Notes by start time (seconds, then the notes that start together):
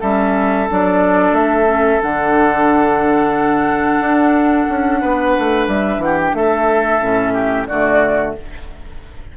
0.00 G3 C#4 A4 E5
0.69 F#3 D4 D5
1.32 A3 E5
1.66 C#4
2.02 D3 D4 F#5
4.00 D4
4.69 C#4
5.01 B3 B4
5.39 A3
5.67 G3 E5
5.97 E3 F#5
6.05 G4
6.20 G5
6.34 A3 A4 E5
7.00 A2 C#4
7.33 G4
7.66 D3 A3 F#4 D5